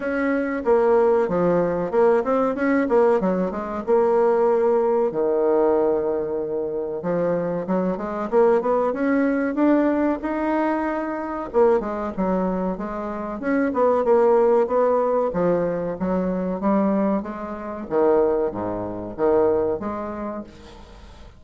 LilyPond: \new Staff \with { instrumentName = "bassoon" } { \time 4/4 \tempo 4 = 94 cis'4 ais4 f4 ais8 c'8 | cis'8 ais8 fis8 gis8 ais2 | dis2. f4 | fis8 gis8 ais8 b8 cis'4 d'4 |
dis'2 ais8 gis8 fis4 | gis4 cis'8 b8 ais4 b4 | f4 fis4 g4 gis4 | dis4 gis,4 dis4 gis4 | }